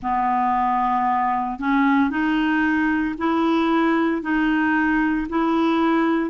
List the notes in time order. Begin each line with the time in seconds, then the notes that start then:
0.02 B3
1.59 C#4
2.10 D#4
3.18 E4
4.22 D#4
5.29 E4